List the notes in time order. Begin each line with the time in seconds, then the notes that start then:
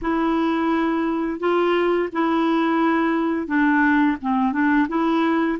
0.01 E4
1.39 F4
2.12 E4
3.47 D4
4.21 C4
4.52 D4
4.88 E4